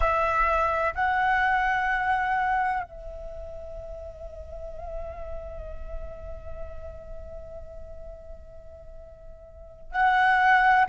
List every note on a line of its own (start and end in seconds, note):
0.00 0.94 E5
0.94 2.83 F#5
2.83 9.91 E5
9.91 10.86 F#5